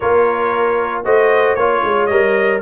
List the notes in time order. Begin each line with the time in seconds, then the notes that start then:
0.00 A#3 F4 A#4 C#5
1.04 A3 F#4 C5 D#5
1.55 A#3 F4 C#5
1.84 G#3
2.06 G3 A#4 D#5